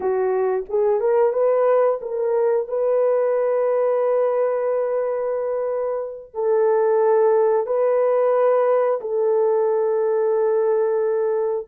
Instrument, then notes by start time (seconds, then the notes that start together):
horn
0.00 F#4
0.69 G#4
1.00 A#4
1.32 B4
2.01 A#4
2.68 B4
6.34 A4
7.66 B4
9.00 A4